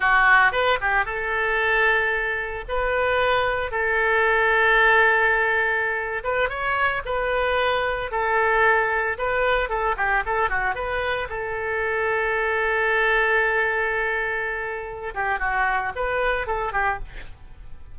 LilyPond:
\new Staff \with { instrumentName = "oboe" } { \time 4/4 \tempo 4 = 113 fis'4 b'8 g'8 a'2~ | a'4 b'2 a'4~ | a'2.~ a'8. b'16~ | b'16 cis''4 b'2 a'8.~ |
a'4~ a'16 b'4 a'8 g'8 a'8 fis'16~ | fis'16 b'4 a'2~ a'8.~ | a'1~ | a'8 g'8 fis'4 b'4 a'8 g'8 | }